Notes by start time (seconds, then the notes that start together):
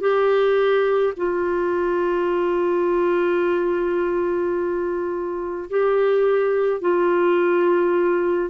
0.00 G4
1.16 F4
5.70 G4
6.81 F4